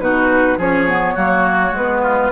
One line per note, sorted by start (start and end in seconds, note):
0.00 0.58 B2
0.00 0.59 D#4
0.00 0.58 F#4
0.00 0.59 B4
0.58 1.16 F3
0.58 0.88 C#4
0.58 1.15 G#4
0.58 1.77 C#5
0.88 1.16 B3
1.15 1.72 F#3
1.15 1.74 A#3
1.15 2.02 F#4
1.72 2.30 G#3
1.72 2.32 B4
1.79 2.32 B3
2.03 2.32 F4